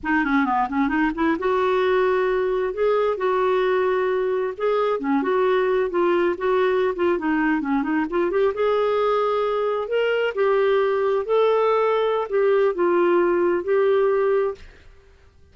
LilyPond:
\new Staff \with { instrumentName = "clarinet" } { \time 4/4 \tempo 4 = 132 dis'8 cis'8 b8 cis'8 dis'8 e'8 fis'4~ | fis'2 gis'4 fis'4~ | fis'2 gis'4 cis'8 fis'8~ | fis'4 f'4 fis'4~ fis'16 f'8 dis'16~ |
dis'8. cis'8 dis'8 f'8 g'8 gis'4~ gis'16~ | gis'4.~ gis'16 ais'4 g'4~ g'16~ | g'8. a'2~ a'16 g'4 | f'2 g'2 | }